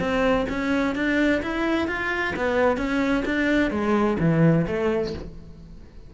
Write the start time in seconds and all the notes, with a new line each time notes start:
0.00 C4
0.49 C#4
0.95 D4
1.43 E4
1.88 F4
2.36 B3
2.77 C#4
3.26 D4
3.71 G#3
4.20 E3
4.67 A3